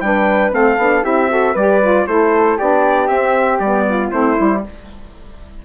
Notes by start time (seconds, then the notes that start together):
0.00 G3 D4 B4 G5
0.52 A3 C4 A4 F5
0.77 B3 D4
1.03 C4 E4 G4 E5
1.28 F#4 A4
1.52 G3 G4 B4 D5
1.81 F4
2.07 A3 E4 A4 C5
2.57 B3 D4 G4 D5
3.07 C4 E5
3.59 G3 B3 D5
3.89 F4
4.11 A3 C4 E4 C5
4.37 G3 E4